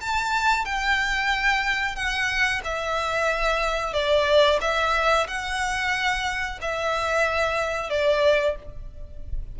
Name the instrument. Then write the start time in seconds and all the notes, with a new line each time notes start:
violin
0.00 A5
0.65 G5
1.95 F#5
2.64 E5
3.93 D5
4.61 E5
5.27 F#5
6.61 E5
7.89 D5